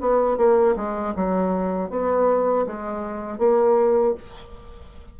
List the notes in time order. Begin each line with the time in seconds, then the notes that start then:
0.00 B3
0.37 A#3
0.76 G#3
1.15 F#3
1.90 B3
2.66 G#3
3.38 A#3